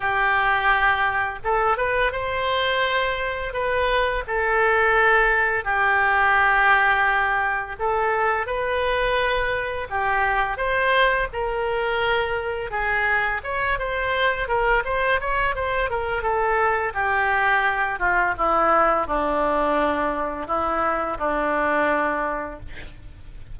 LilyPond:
\new Staff \with { instrumentName = "oboe" } { \time 4/4 \tempo 4 = 85 g'2 a'8 b'8 c''4~ | c''4 b'4 a'2 | g'2. a'4 | b'2 g'4 c''4 |
ais'2 gis'4 cis''8 c''8~ | c''8 ais'8 c''8 cis''8 c''8 ais'8 a'4 | g'4. f'8 e'4 d'4~ | d'4 e'4 d'2 | }